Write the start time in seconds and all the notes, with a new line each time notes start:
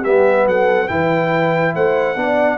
0.00 G3 B3 G4 E5
0.47 F#3 A4 F#5
0.88 E3 E4 B4 G5
1.75 A3 C5 F#5
2.16 B3 D4 D5